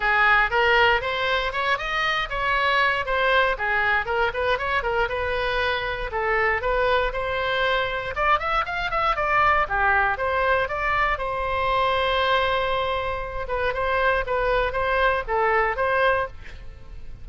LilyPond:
\new Staff \with { instrumentName = "oboe" } { \time 4/4 \tempo 4 = 118 gis'4 ais'4 c''4 cis''8 dis''8~ | dis''8 cis''4. c''4 gis'4 | ais'8 b'8 cis''8 ais'8 b'2 | a'4 b'4 c''2 |
d''8 e''8 f''8 e''8 d''4 g'4 | c''4 d''4 c''2~ | c''2~ c''8 b'8 c''4 | b'4 c''4 a'4 c''4 | }